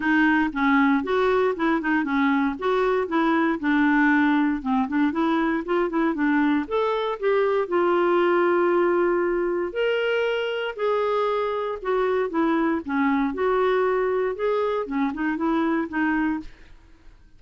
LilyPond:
\new Staff \with { instrumentName = "clarinet" } { \time 4/4 \tempo 4 = 117 dis'4 cis'4 fis'4 e'8 dis'8 | cis'4 fis'4 e'4 d'4~ | d'4 c'8 d'8 e'4 f'8 e'8 | d'4 a'4 g'4 f'4~ |
f'2. ais'4~ | ais'4 gis'2 fis'4 | e'4 cis'4 fis'2 | gis'4 cis'8 dis'8 e'4 dis'4 | }